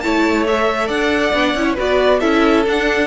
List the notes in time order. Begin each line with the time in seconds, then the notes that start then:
0.00 A3 E4 C#5 A5
0.47 A4 E5
0.87 D4 D5 F#5
1.33 B3 D4
1.54 C#4 E4
1.64 C#5
1.74 B3 F#4 B4 D5
2.20 C#4 E4 A4 E5
2.65 D4 F#5